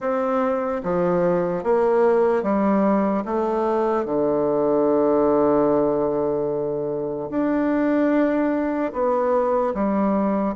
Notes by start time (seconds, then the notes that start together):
0.00 C4
0.83 F3
1.63 A#3
2.43 G3
3.25 A3
4.05 D3
7.30 D4
8.92 B3
9.74 G3